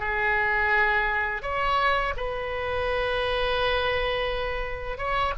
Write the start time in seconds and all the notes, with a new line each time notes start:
0.00 G#4
1.43 C#5
2.17 B4
4.98 C#5